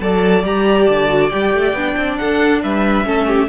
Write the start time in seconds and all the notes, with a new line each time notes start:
0.00 F#3 A4 D5 A5
0.43 G3 G4 A#5
0.86 D3 A5
1.08 F#4
1.29 G3 G4 G5
1.53 A3
1.73 B3 D4
1.96 C4
2.17 D4 A4 F#5
2.62 G3 B4 E5
3.04 A3 C#4 A4
3.27 G4